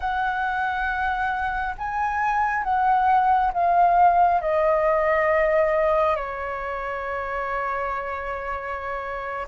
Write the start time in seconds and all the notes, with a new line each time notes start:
0.00 F#5
1.78 G#5
2.63 F#5
3.53 F5
4.41 D#5
6.16 C#5